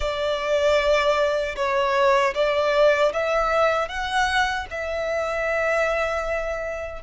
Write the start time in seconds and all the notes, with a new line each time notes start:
0.00 D5
1.55 C#5
2.34 D5
3.12 E5
3.88 F#5
4.70 E5